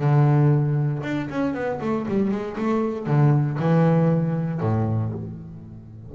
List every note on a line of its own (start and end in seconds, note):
0.00 1.03 D3
1.03 1.29 D4
1.30 1.55 C#4
1.55 1.80 B3
1.81 2.07 A3
2.09 2.31 G3
2.31 2.57 G#3
2.58 3.07 A3
3.07 3.58 D3
3.59 4.61 E3
4.61 5.13 A2